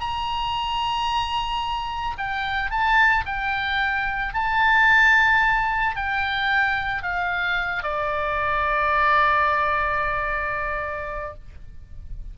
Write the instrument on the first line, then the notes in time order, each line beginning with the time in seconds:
oboe
0.00 A#5
2.17 G5
2.71 A5
3.26 G5
4.33 A5
5.96 G5
7.02 F5
7.83 D5